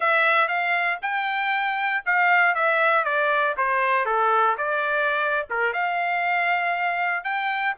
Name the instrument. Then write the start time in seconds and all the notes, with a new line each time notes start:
trumpet
0.00 E5
0.48 F5
1.02 G5
2.05 F5
2.54 E5
3.04 D5
3.57 C5
4.05 A4
4.57 D5
5.49 A#4
5.73 F5
7.23 G5